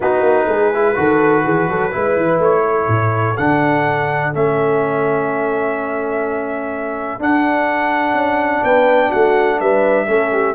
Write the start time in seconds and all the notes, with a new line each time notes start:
0.00 B3 D#4 F#4 B4
0.21 A#3
0.46 G#3 G#4
0.73 E4
0.95 D#3 F#4 A4
1.44 E3 G#4
1.68 F#3 A4
1.92 G#3 E4 B4
2.16 E3
2.38 A3 C#5
2.63 A4
2.87 A2
3.37 D3 D4 F#5
4.33 A3 C#4 E5
7.19 D4 F#5
8.13 C#4
8.63 B3 B4 G5
9.09 A3 F#4 F#5
9.60 G3 B4 E5
10.07 A3 C#4 A4
10.31 G4